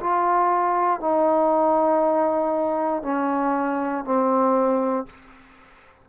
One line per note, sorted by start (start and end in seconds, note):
0.00 1.00 F4
1.00 3.03 D#4
3.03 4.04 C#4
4.04 5.06 C4